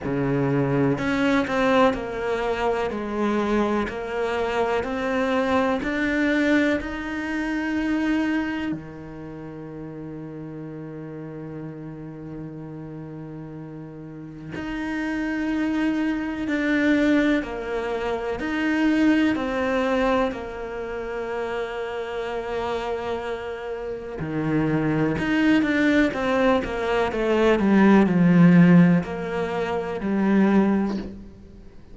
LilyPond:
\new Staff \with { instrumentName = "cello" } { \time 4/4 \tempo 4 = 62 cis4 cis'8 c'8 ais4 gis4 | ais4 c'4 d'4 dis'4~ | dis'4 dis2.~ | dis2. dis'4~ |
dis'4 d'4 ais4 dis'4 | c'4 ais2.~ | ais4 dis4 dis'8 d'8 c'8 ais8 | a8 g8 f4 ais4 g4 | }